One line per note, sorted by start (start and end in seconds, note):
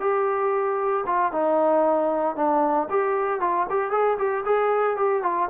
0.00 1.04 G4
1.06 1.32 F4
1.32 2.36 D#4
2.36 2.88 D4
2.90 3.40 G4
3.40 3.66 F4
3.70 3.91 G4
3.91 4.17 G#4
4.18 4.44 G4
4.45 4.96 G#4
4.96 5.22 G4
5.23 5.49 F4